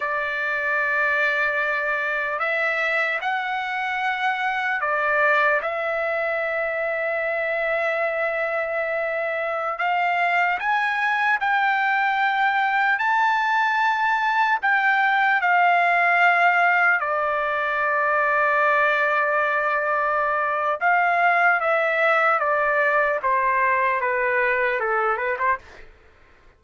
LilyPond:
\new Staff \with { instrumentName = "trumpet" } { \time 4/4 \tempo 4 = 75 d''2. e''4 | fis''2 d''4 e''4~ | e''1~ | e''16 f''4 gis''4 g''4.~ g''16~ |
g''16 a''2 g''4 f''8.~ | f''4~ f''16 d''2~ d''8.~ | d''2 f''4 e''4 | d''4 c''4 b'4 a'8 b'16 c''16 | }